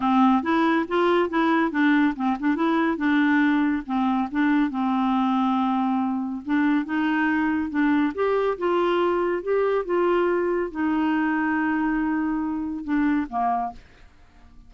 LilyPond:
\new Staff \with { instrumentName = "clarinet" } { \time 4/4 \tempo 4 = 140 c'4 e'4 f'4 e'4 | d'4 c'8 d'8 e'4 d'4~ | d'4 c'4 d'4 c'4~ | c'2. d'4 |
dis'2 d'4 g'4 | f'2 g'4 f'4~ | f'4 dis'2.~ | dis'2 d'4 ais4 | }